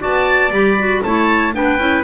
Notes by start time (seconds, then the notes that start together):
0.00 B3 F#4 D5 A5
0.51 G3 G4 B5
0.79 F#4
1.04 A3 E4 C#5 A5
1.53 B3 D4 B4 G5
1.78 C#4 E4